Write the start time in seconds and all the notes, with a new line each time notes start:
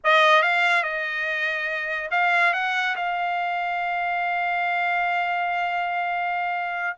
0.04 D#5
0.42 F5
0.83 D#5
2.10 F5
2.53 F#5
2.96 F5